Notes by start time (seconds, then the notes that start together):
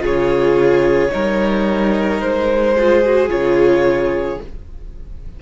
0.00 C#3 F4 G#4 C#5
1.11 G3 D#4 A#4
2.21 G#3 C5
2.77 F4 G#4
3.05 F#4
3.29 C#3 F4 C#5